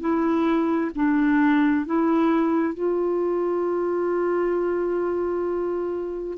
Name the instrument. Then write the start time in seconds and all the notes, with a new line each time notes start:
clarinet
0.00 E4
0.95 D4
1.86 E4
2.74 F4